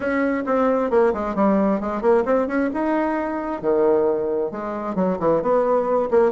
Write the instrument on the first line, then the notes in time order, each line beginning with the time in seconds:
bassoon
0.00 C#4
0.46 C4
0.90 A#3
1.13 G#3
1.35 G3
1.80 G#3
2.01 A#3
2.25 C4
2.47 C#4
2.73 D#4
3.61 D#3
4.51 G#3
4.95 F#3
5.19 E3
5.42 B3
6.10 A#3